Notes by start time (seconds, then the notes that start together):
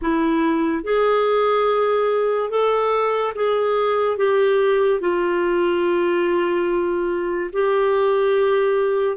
0.01 E4
0.83 G#4
2.50 A4
3.35 G#4
4.17 G4
5.00 F4
7.52 G4